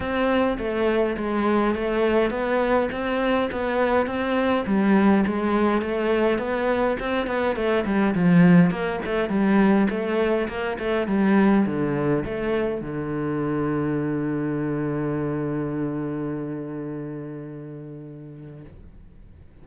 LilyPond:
\new Staff \with { instrumentName = "cello" } { \time 4/4 \tempo 4 = 103 c'4 a4 gis4 a4 | b4 c'4 b4 c'4 | g4 gis4 a4 b4 | c'8 b8 a8 g8 f4 ais8 a8 |
g4 a4 ais8 a8 g4 | d4 a4 d2~ | d1~ | d1 | }